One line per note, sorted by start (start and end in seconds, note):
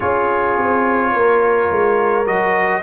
0.00 0.58 C#4
0.00 2.25 F4
0.00 1.11 G#4
0.00 2.26 C#5
0.58 1.13 C4
1.12 1.70 A#3
1.12 2.82 A#4
1.71 2.27 G#3
2.25 2.83 F#3
2.25 2.82 F#4
2.25 2.83 D#5